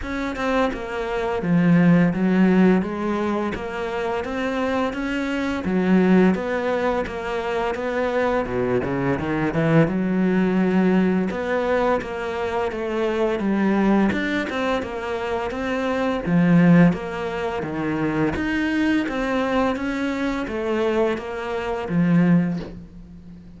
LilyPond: \new Staff \with { instrumentName = "cello" } { \time 4/4 \tempo 4 = 85 cis'8 c'8 ais4 f4 fis4 | gis4 ais4 c'4 cis'4 | fis4 b4 ais4 b4 | b,8 cis8 dis8 e8 fis2 |
b4 ais4 a4 g4 | d'8 c'8 ais4 c'4 f4 | ais4 dis4 dis'4 c'4 | cis'4 a4 ais4 f4 | }